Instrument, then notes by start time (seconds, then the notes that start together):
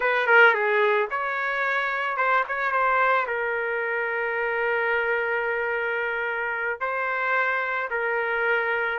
trumpet
0.00 B4
0.26 A#4
0.54 G#4
1.10 C#5
2.16 C5
2.47 C#5
2.71 C5
3.26 A#4
6.80 C5
7.90 A#4